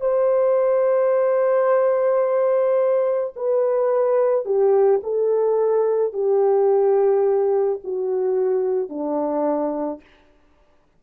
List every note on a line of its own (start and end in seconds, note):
0.00 3.33 C5
3.35 4.45 B4
4.45 5.01 G4
5.03 6.13 A4
6.13 7.79 G4
7.84 8.89 F#4
8.89 10.00 D4